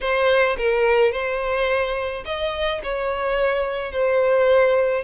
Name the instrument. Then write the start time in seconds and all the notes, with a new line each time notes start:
violin
0.00 C5
0.57 A#4
1.12 C5
2.25 D#5
2.83 C#5
3.92 C5